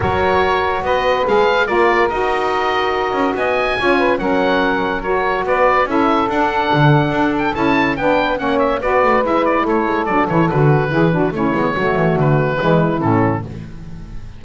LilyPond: <<
  \new Staff \with { instrumentName = "oboe" } { \time 4/4 \tempo 4 = 143 cis''2 dis''4 f''4 | d''4 dis''2. | gis''2 fis''2 | cis''4 d''4 e''4 fis''4~ |
fis''4. g''8 a''4 g''4 | fis''8 e''8 d''4 e''8 d''8 cis''4 | d''8 cis''8 b'2 cis''4~ | cis''4 b'2 a'4 | }
  \new Staff \with { instrumentName = "saxophone" } { \time 4/4 ais'2 b'2 | ais'1 | dis''4 cis''8 b'8 ais'2~ | ais'4 b'4 a'2~ |
a'2. b'4 | cis''4 b'2 a'4~ | a'2 gis'8 fis'8 e'4 | fis'2 e'2 | }
  \new Staff \with { instrumentName = "saxophone" } { \time 4/4 fis'2. gis'4 | f'4 fis'2.~ | fis'4 f'4 cis'2 | fis'2 e'4 d'4~ |
d'2 e'4 d'4 | cis'4 fis'4 e'2 | d'8 e'8 fis'4 e'8 d'8 cis'8 b8 | a2 gis4 cis'4 | }
  \new Staff \with { instrumentName = "double bass" } { \time 4/4 fis2 b4 gis4 | ais4 dis'2~ dis'8 cis'8 | b4 cis'4 fis2~ | fis4 b4 cis'4 d'4 |
d4 d'4 cis'4 b4 | ais4 b8 a8 gis4 a8 gis8 | fis8 e8 d4 e4 a8 gis8 | fis8 e8 d4 e4 a,4 | }
>>